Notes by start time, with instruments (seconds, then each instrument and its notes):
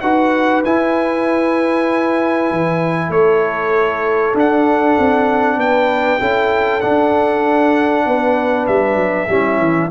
0.00 tuba D#4, trombone F#4, horn B4, trumpet F#5
0.65 tuba E4, trombone E4, trumpet G#5
2.51 tuba E3
3.09 tuba A3, horn A4, trumpet C#5
4.34 tuba D4, trombone D4, trumpet F#5
4.98 tuba C4
5.56 tuba B3, horn B4, trumpet G5
6.19 tuba C#4, trombone E4, horn A4
6.80 trombone D4, tuba D4, trumpet F#5
8.06 tuba B3, horn B4
8.66 tuba G3, trumpet E5
8.95 tuba F#3
9.29 tuba G3, trombone C#4, horn E4
9.57 tuba E3